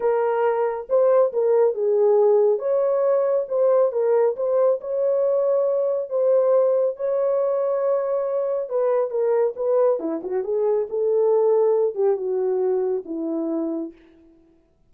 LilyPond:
\new Staff \with { instrumentName = "horn" } { \time 4/4 \tempo 4 = 138 ais'2 c''4 ais'4 | gis'2 cis''2 | c''4 ais'4 c''4 cis''4~ | cis''2 c''2 |
cis''1 | b'4 ais'4 b'4 e'8 fis'8 | gis'4 a'2~ a'8 g'8 | fis'2 e'2 | }